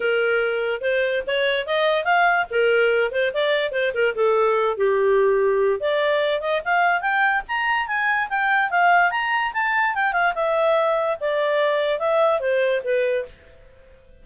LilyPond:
\new Staff \with { instrumentName = "clarinet" } { \time 4/4 \tempo 4 = 145 ais'2 c''4 cis''4 | dis''4 f''4 ais'4. c''8 | d''4 c''8 ais'8 a'4. g'8~ | g'2 d''4. dis''8 |
f''4 g''4 ais''4 gis''4 | g''4 f''4 ais''4 a''4 | g''8 f''8 e''2 d''4~ | d''4 e''4 c''4 b'4 | }